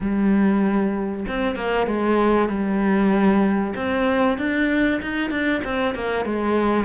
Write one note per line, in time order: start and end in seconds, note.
0.00 1.25 G3
1.28 1.55 C4
1.55 1.86 A#3
1.86 2.49 G#3
2.49 3.74 G3
3.75 4.38 C4
4.38 5.00 D4
5.02 5.30 D#4
5.30 5.61 D4
5.63 5.94 C4
5.94 6.25 A#3
6.25 6.84 G#3